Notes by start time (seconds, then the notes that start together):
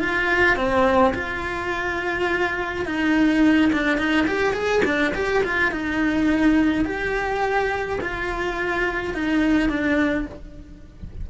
0.00 F4
0.56 C4
1.14 F4
2.86 D#4
3.73 D4
3.98 D#4
4.27 G4
4.54 G#4
4.85 D4
5.15 G4
5.44 F4
5.72 D#4
6.85 G4
8.01 F4
9.15 D#4
9.69 D4